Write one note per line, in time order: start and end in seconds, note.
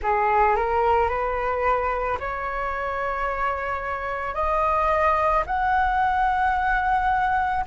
0.02 0.56 G#4
0.56 1.09 A#4
1.09 2.18 B4
2.19 4.34 C#5
4.34 5.43 D#5
5.46 7.64 F#5